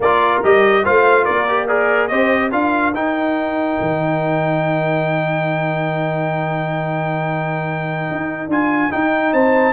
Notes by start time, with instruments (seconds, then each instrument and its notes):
0.00 tuba A#3, trombone F4, horn A#4, trumpet D5
0.43 tuba G3, trombone G4, trumpet D#5
0.82 tuba A3, trombone F4, horn C5, trumpet F5
1.24 tuba A#3, horn A#4, trumpet D5
1.48 trombone G4
1.67 trombone G#4, trumpet A#4, horn D5
2.07 tuba C4, trombone G4, horn C5, trumpet D#5
2.48 tuba D4, trombone F4, horn A#4, trumpet F5
2.94 tuba D#4, trombone D#4, trumpet G5
3.80 tuba D#3
8.11 tuba D#4
8.47 tuba D4, trombone F4, trumpet G#5
8.90 trombone D#4, tuba D#4, trumpet G5
9.33 tuba C4, horn C5, trumpet A5